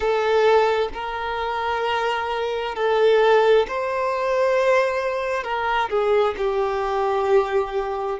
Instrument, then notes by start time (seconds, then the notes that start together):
violin
0.00 A4
0.93 A#4
2.75 A4
3.67 C5
5.43 A#4
5.89 G#4
6.37 G4